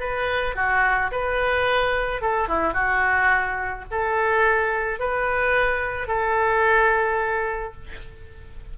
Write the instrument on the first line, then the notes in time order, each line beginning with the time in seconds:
oboe
0.00 B4
0.56 F#4
1.12 B4
2.21 A4
2.48 E4
2.74 F#4
3.91 A4
4.99 B4
6.07 A4